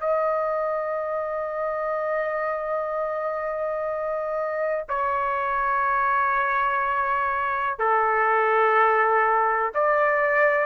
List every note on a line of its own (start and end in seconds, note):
0.00 4.84 D#5
4.89 7.79 C#5
7.79 9.72 A4
9.74 10.65 D5